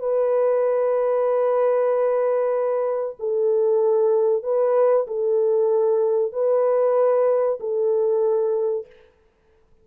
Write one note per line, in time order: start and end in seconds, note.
0.00 3.16 B4
3.20 4.44 A4
4.44 5.07 B4
5.07 6.33 A4
6.33 7.59 B4
7.60 8.87 A4